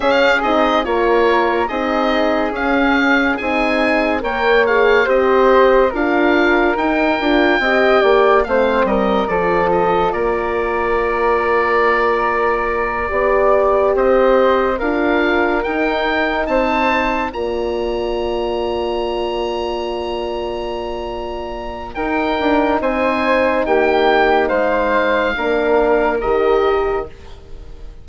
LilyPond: <<
  \new Staff \with { instrumentName = "oboe" } { \time 4/4 \tempo 4 = 71 f''8 dis''8 cis''4 dis''4 f''4 | gis''4 g''8 f''8 dis''4 f''4 | g''2 f''8 dis''8 d''8 dis''8 | d''1~ |
d''8 dis''4 f''4 g''4 a''8~ | a''8 ais''2.~ ais''8~ | ais''2 g''4 gis''4 | g''4 f''2 dis''4 | }
  \new Staff \with { instrumentName = "flute" } { \time 4/4 gis'4 ais'4 gis'2~ | gis'4 cis''4 c''4 ais'4~ | ais'4 dis''8 d''8 c''8 ais'8 a'4 | ais'2.~ ais'8 d''8~ |
d''8 c''4 ais'2 c''8~ | c''8 d''2.~ d''8~ | d''2 ais'4 c''4 | g'4 c''4 ais'2 | }
  \new Staff \with { instrumentName = "horn" } { \time 4/4 cis'8 dis'8 f'4 dis'4 cis'4 | dis'4 ais'8 gis'8 g'4 f'4 | dis'8 f'8 g'4 c'4 f'4~ | f'2.~ f'8 g'8~ |
g'4. f'4 dis'4.~ | dis'8 f'2.~ f'8~ | f'2 dis'2~ | dis'2 d'4 g'4 | }
  \new Staff \with { instrumentName = "bassoon" } { \time 4/4 cis'8 c'8 ais4 c'4 cis'4 | c'4 ais4 c'4 d'4 | dis'8 d'8 c'8 ais8 a8 g8 f4 | ais2.~ ais8 b8~ |
b8 c'4 d'4 dis'4 c'8~ | c'8 ais2.~ ais8~ | ais2 dis'8 d'8 c'4 | ais4 gis4 ais4 dis4 | }
>>